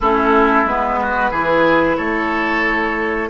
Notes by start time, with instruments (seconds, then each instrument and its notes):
0.00 bassoon A3, clarinet C#4, oboe E4, flute A4
0.64 bassoon G#3, clarinet B3, flute B4
1.01 oboe F#4
1.30 bassoon E3, clarinet E4, oboe G#4
1.97 bassoon A3, oboe A4, flute C#5